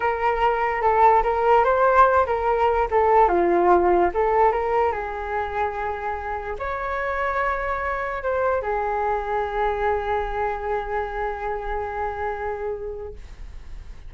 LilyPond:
\new Staff \with { instrumentName = "flute" } { \time 4/4 \tempo 4 = 146 ais'2 a'4 ais'4 | c''4. ais'4. a'4 | f'2 a'4 ais'4 | gis'1 |
cis''1 | c''4 gis'2.~ | gis'1~ | gis'1 | }